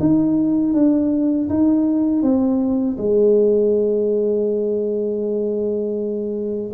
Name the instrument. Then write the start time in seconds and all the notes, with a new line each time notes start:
tuba
0.00 D#4
0.74 D4
1.50 D#4
2.23 C4
2.98 G#3